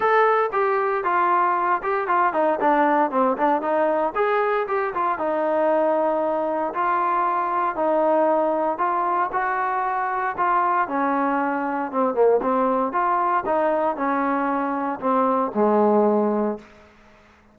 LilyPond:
\new Staff \with { instrumentName = "trombone" } { \time 4/4 \tempo 4 = 116 a'4 g'4 f'4. g'8 | f'8 dis'8 d'4 c'8 d'8 dis'4 | gis'4 g'8 f'8 dis'2~ | dis'4 f'2 dis'4~ |
dis'4 f'4 fis'2 | f'4 cis'2 c'8 ais8 | c'4 f'4 dis'4 cis'4~ | cis'4 c'4 gis2 | }